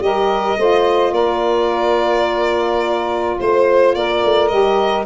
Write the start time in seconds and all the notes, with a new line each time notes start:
0.00 G3 G4 A#4 D#5
0.57 A3 F4 C5
1.11 A#3 A#4 D5
3.38 A3 C5
3.95 A#3 A#4 D5
4.24 A3
4.48 G3 G4 D#5